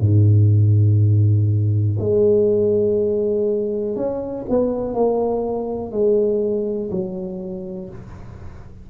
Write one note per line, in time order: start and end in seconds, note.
0.00 1.97 G#2
1.99 3.96 G#3
3.96 4.45 C#4
4.49 4.94 B3
4.94 5.91 A#3
5.91 6.89 G#3
6.90 7.89 F#3